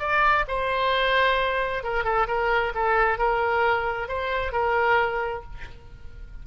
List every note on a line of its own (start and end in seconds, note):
0.00 0.45 D5
0.49 1.84 C5
1.84 2.05 A#4
2.05 2.27 A4
2.28 2.74 A#4
2.75 3.19 A4
3.19 4.09 A#4
4.09 4.52 C5
4.52 5.43 A#4